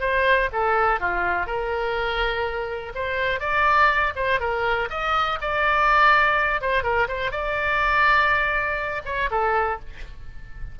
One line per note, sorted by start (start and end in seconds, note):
0.00 0.49 C5
0.52 1.00 A4
1.00 1.46 F4
1.46 2.92 A#4
2.94 3.39 C5
3.39 4.13 D5
4.15 4.39 C5
4.39 4.88 A#4
4.90 5.38 D#5
5.41 6.61 D5
6.61 6.83 C5
6.83 7.07 A#4
7.08 7.31 C5
7.31 9.02 D5
9.05 9.29 C#5
9.31 9.79 A4